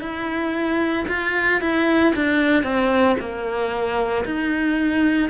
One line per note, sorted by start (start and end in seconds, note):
0.00 1.05 E4
1.08 1.61 F4
1.61 2.13 E4
2.15 2.63 D4
2.63 3.16 C4
3.19 4.24 A#3
4.25 5.29 D#4